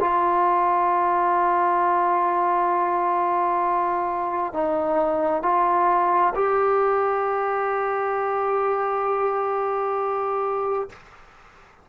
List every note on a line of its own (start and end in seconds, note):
0.00 4.53 F4
4.53 5.43 D#4
5.43 6.33 F4
6.35 10.90 G4